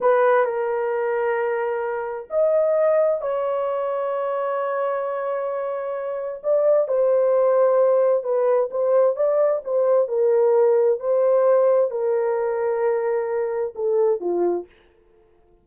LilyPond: \new Staff \with { instrumentName = "horn" } { \time 4/4 \tempo 4 = 131 b'4 ais'2.~ | ais'4 dis''2 cis''4~ | cis''1~ | cis''2 d''4 c''4~ |
c''2 b'4 c''4 | d''4 c''4 ais'2 | c''2 ais'2~ | ais'2 a'4 f'4 | }